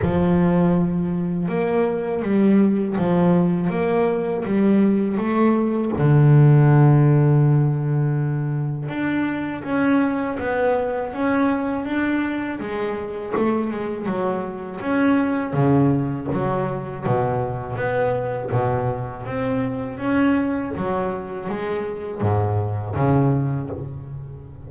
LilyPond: \new Staff \with { instrumentName = "double bass" } { \time 4/4 \tempo 4 = 81 f2 ais4 g4 | f4 ais4 g4 a4 | d1 | d'4 cis'4 b4 cis'4 |
d'4 gis4 a8 gis8 fis4 | cis'4 cis4 fis4 b,4 | b4 b,4 c'4 cis'4 | fis4 gis4 gis,4 cis4 | }